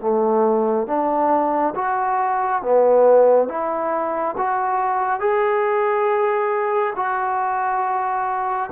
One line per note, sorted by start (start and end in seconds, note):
0.00 0.87 A3
0.87 1.74 D4
1.75 2.62 F#4
2.62 3.48 B3
3.48 4.35 E4
4.38 5.19 F#4
5.19 6.93 G#4
6.96 8.70 F#4